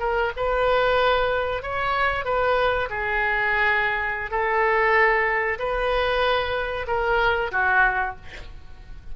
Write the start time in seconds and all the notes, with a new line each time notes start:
0.00 A#4
0.37 B4
1.62 C#5
2.25 B4
2.90 G#4
4.31 A4
5.59 B4
6.88 A#4
7.52 F#4